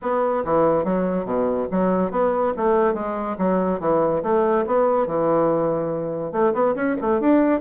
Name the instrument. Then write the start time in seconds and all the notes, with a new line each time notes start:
bassoon
0.01 B3
0.44 E3
0.84 F#3
1.25 B2
1.71 F#3
2.11 B3
2.57 A3
2.94 G#3
3.38 F#3
3.80 E3
4.23 A3
4.66 B3
5.06 E3
6.32 A3
6.53 B3
6.75 C#4
7.01 A3
7.20 D4